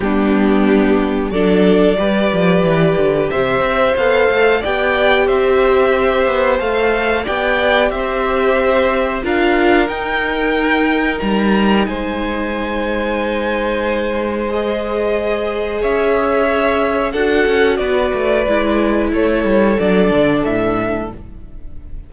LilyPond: <<
  \new Staff \with { instrumentName = "violin" } { \time 4/4 \tempo 4 = 91 g'2 d''2~ | d''4 e''4 f''4 g''4 | e''2 f''4 g''4 | e''2 f''4 g''4~ |
g''4 ais''4 gis''2~ | gis''2 dis''2 | e''2 fis''4 d''4~ | d''4 cis''4 d''4 e''4 | }
  \new Staff \with { instrumentName = "violin" } { \time 4/4 d'2 a'4 b'4~ | b'4 c''2 d''4 | c''2. d''4 | c''2 ais'2~ |
ais'2 c''2~ | c''1 | cis''2 a'4 b'4~ | b'4 a'2. | }
  \new Staff \with { instrumentName = "viola" } { \time 4/4 b2 d'4 g'4~ | g'2 a'4 g'4~ | g'2 a'4 g'4~ | g'2 f'4 dis'4~ |
dis'1~ | dis'2 gis'2~ | gis'2 fis'2 | e'2 d'2 | }
  \new Staff \with { instrumentName = "cello" } { \time 4/4 g2 fis4 g8 f8 | e8 d8 c8 c'8 b8 a8 b4 | c'4. b8 a4 b4 | c'2 d'4 dis'4~ |
dis'4 g4 gis2~ | gis1 | cis'2 d'8 cis'8 b8 a8 | gis4 a8 g8 fis8 d8 a,4 | }
>>